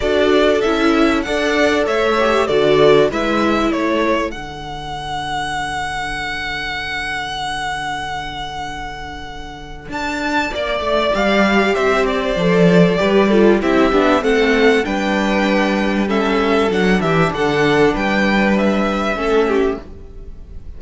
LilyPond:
<<
  \new Staff \with { instrumentName = "violin" } { \time 4/4 \tempo 4 = 97 d''4 e''4 fis''4 e''4 | d''4 e''4 cis''4 fis''4~ | fis''1~ | fis''1 |
a''4 d''4 f''4 e''8 d''8~ | d''2 e''4 fis''4 | g''2 e''4 fis''8 e''8 | fis''4 g''4 e''2 | }
  \new Staff \with { instrumentName = "violin" } { \time 4/4 a'2 d''4 cis''4 | a'4 b'4 a'2~ | a'1~ | a'1~ |
a'4 d''2 c''4~ | c''4 b'8 a'8 g'4 a'4 | b'2 a'4. g'8 | a'4 b'2 a'8 g'8 | }
  \new Staff \with { instrumentName = "viola" } { \time 4/4 fis'4 e'4 a'4. g'8 | fis'4 e'2 d'4~ | d'1~ | d'1~ |
d'2 g'2 | a'4 g'8 f'8 e'8 d'8 c'4 | d'2 cis'4 d'4~ | d'2. cis'4 | }
  \new Staff \with { instrumentName = "cello" } { \time 4/4 d'4 cis'4 d'4 a4 | d4 gis4 a4 d4~ | d1~ | d1 |
d'4 ais8 a8 g4 c'4 | f4 g4 c'8 b8 a4 | g2. fis8 e8 | d4 g2 a4 | }
>>